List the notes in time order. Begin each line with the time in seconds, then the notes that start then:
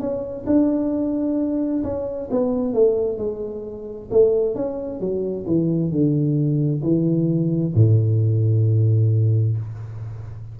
0.00 C#4
0.47 D4
1.84 C#4
2.31 B3
2.74 A3
3.19 G#3
4.11 A3
4.56 C#4
5.00 F#3
5.47 E3
5.91 D3
6.83 E3
7.75 A2